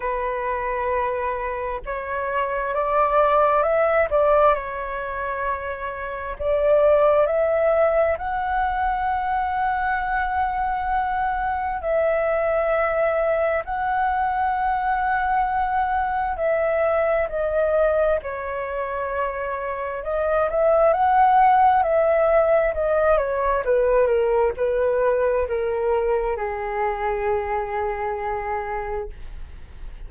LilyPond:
\new Staff \with { instrumentName = "flute" } { \time 4/4 \tempo 4 = 66 b'2 cis''4 d''4 | e''8 d''8 cis''2 d''4 | e''4 fis''2.~ | fis''4 e''2 fis''4~ |
fis''2 e''4 dis''4 | cis''2 dis''8 e''8 fis''4 | e''4 dis''8 cis''8 b'8 ais'8 b'4 | ais'4 gis'2. | }